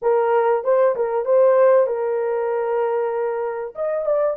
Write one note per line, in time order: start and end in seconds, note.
0.02 0.63 A#4
0.63 0.95 C5
0.95 1.25 A#4
1.25 1.86 C5
1.86 3.74 A#4
3.75 4.05 D#5
4.05 4.36 D5